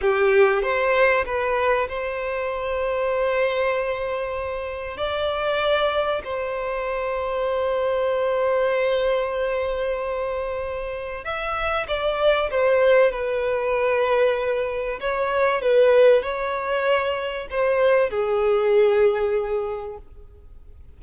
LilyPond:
\new Staff \with { instrumentName = "violin" } { \time 4/4 \tempo 4 = 96 g'4 c''4 b'4 c''4~ | c''1 | d''2 c''2~ | c''1~ |
c''2 e''4 d''4 | c''4 b'2. | cis''4 b'4 cis''2 | c''4 gis'2. | }